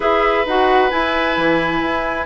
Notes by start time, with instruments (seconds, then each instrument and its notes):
0.00 bassoon E4, clarinet G#4, oboe B4, flute E5
0.45 bassoon D#4, clarinet F#4, flute F#5
0.90 clarinet E4, bassoon E4, flute G#5
1.37 bassoon E3
1.80 bassoon E4